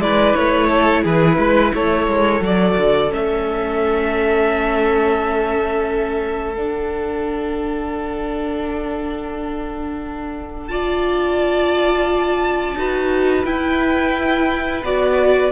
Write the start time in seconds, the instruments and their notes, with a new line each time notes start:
0.00 cello G#3, viola E4, violin B4 D5
0.34 cello A3, violin C#5
0.68 violin A4
1.03 cello E3, violin G#4 B4
1.39 cello G#3, violin B4
1.75 cello A3, violin A4 C#5
2.07 cello G#3
2.41 cello F#3, viola F#4, violin D5
2.77 cello D3
3.11 cello A3, viola C#4, violin E5
6.56 cello D4, viola D4, violin F#5
10.68 viola F4, violin D5 A5
12.75 cello D#4, viola F#4, violin B4
13.45 cello E4, viola E4, violin G5
14.84 cello B3, viola F#4, violin D5